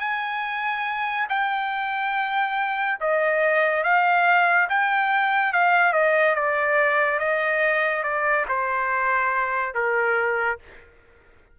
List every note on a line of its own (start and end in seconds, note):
0.00 1.27 G#5
1.29 2.98 G5
3.00 3.84 D#5
3.84 4.68 F5
4.69 5.53 G5
5.53 5.93 F5
5.93 6.35 D#5
6.35 7.19 D5
7.19 8.03 D#5
8.03 8.45 D5
8.48 9.74 C5
9.74 10.59 A#4